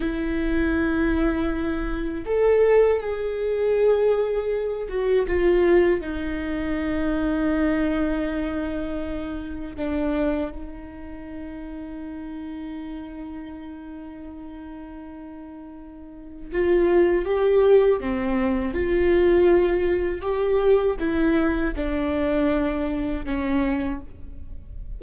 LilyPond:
\new Staff \with { instrumentName = "viola" } { \time 4/4 \tempo 4 = 80 e'2. a'4 | gis'2~ gis'8 fis'8 f'4 | dis'1~ | dis'4 d'4 dis'2~ |
dis'1~ | dis'2 f'4 g'4 | c'4 f'2 g'4 | e'4 d'2 cis'4 | }